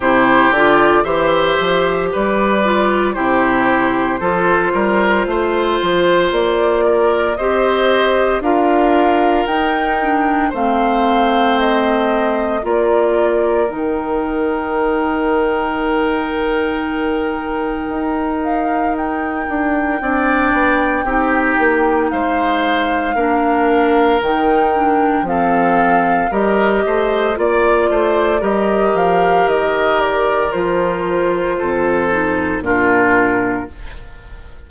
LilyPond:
<<
  \new Staff \with { instrumentName = "flute" } { \time 4/4 \tempo 4 = 57 c''8 d''8 e''4 d''4 c''4~ | c''2 d''4 dis''4 | f''4 g''4 f''4 dis''4 | d''4 g''2.~ |
g''4. f''8 g''2~ | g''4 f''2 g''4 | f''4 dis''4 d''4 dis''8 f''8 | dis''8 d''8 c''2 ais'4 | }
  \new Staff \with { instrumentName = "oboe" } { \time 4/4 g'4 c''4 b'4 g'4 | a'8 ais'8 c''4. ais'8 c''4 | ais'2 c''2 | ais'1~ |
ais'2. d''4 | g'4 c''4 ais'2 | a'4 ais'8 c''8 d''8 c''8 ais'4~ | ais'2 a'4 f'4 | }
  \new Staff \with { instrumentName = "clarinet" } { \time 4/4 e'8 f'8 g'4. f'8 e'4 | f'2. g'4 | f'4 dis'8 d'8 c'2 | f'4 dis'2.~ |
dis'2. d'4 | dis'2 d'4 dis'8 d'8 | c'4 g'4 f'4 g'4~ | g'4 f'4. dis'8 d'4 | }
  \new Staff \with { instrumentName = "bassoon" } { \time 4/4 c8 d8 e8 f8 g4 c4 | f8 g8 a8 f8 ais4 c'4 | d'4 dis'4 a2 | ais4 dis2.~ |
dis4 dis'4. d'8 c'8 b8 | c'8 ais8 gis4 ais4 dis4 | f4 g8 a8 ais8 a8 g8 f8 | dis4 f4 f,4 ais,4 | }
>>